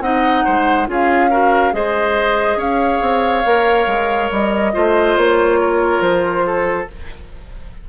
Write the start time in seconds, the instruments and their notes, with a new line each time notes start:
0.00 bassoon C4, clarinet D#4, oboe D#5, flute F#5
0.45 bassoon G#3, oboe C5
0.87 bassoon C#4, clarinet F4, oboe G#4, flute F5
1.30 clarinet F#4, oboe A#4
1.72 bassoon G#3, clarinet G#4, oboe C5, flute D#5
2.56 bassoon C#4, oboe C#5, flute F5
3.01 bassoon C4
3.45 bassoon A#3, clarinet A#4
3.86 bassoon G#3
4.31 bassoon G3, flute D#5
4.73 bassoon A3, clarinet F4, oboe C5
5.17 bassoon A#3, flute C#5
5.60 oboe A#4
6.01 bassoon F3, flute C5
6.46 oboe A4